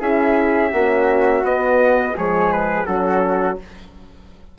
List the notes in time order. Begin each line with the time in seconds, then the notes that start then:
0.00 C#4 E4 G#4 E5
0.72 A#3 C#4 F#4
1.43 B3 D#5
2.15 F3 G#3 G#4 C#5
2.52 B4
2.86 F#3 C#4 F#4 A4